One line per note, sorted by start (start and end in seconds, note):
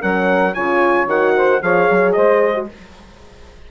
0.00 0.56 F#3
0.00 0.54 C#4
0.00 0.54 A#4
0.00 0.54 F#5
0.54 1.07 C#3
0.54 1.07 F4
0.54 1.34 C#5
0.54 1.08 G#5
1.07 1.60 D#3
1.07 1.61 F#4
1.07 1.62 F#5
1.36 1.62 C5
1.62 1.89 F3
1.62 2.54 G#4
1.62 2.15 C#5
1.62 2.12 F5
1.90 2.17 F#3
2.12 2.71 G#3
2.12 2.68 C5
2.12 2.66 D#5
2.54 2.67 F#4